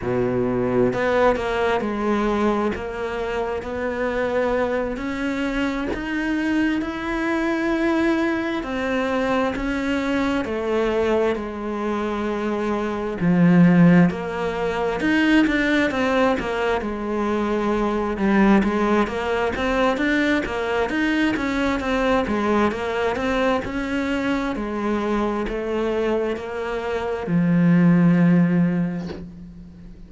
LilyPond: \new Staff \with { instrumentName = "cello" } { \time 4/4 \tempo 4 = 66 b,4 b8 ais8 gis4 ais4 | b4. cis'4 dis'4 e'8~ | e'4. c'4 cis'4 a8~ | a8 gis2 f4 ais8~ |
ais8 dis'8 d'8 c'8 ais8 gis4. | g8 gis8 ais8 c'8 d'8 ais8 dis'8 cis'8 | c'8 gis8 ais8 c'8 cis'4 gis4 | a4 ais4 f2 | }